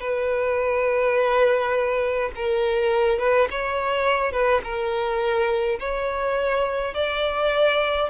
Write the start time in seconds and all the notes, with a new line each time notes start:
0.00 B4
2.35 A#4
3.19 B4
3.50 C#5
4.32 B4
4.63 A#4
5.79 C#5
6.94 D5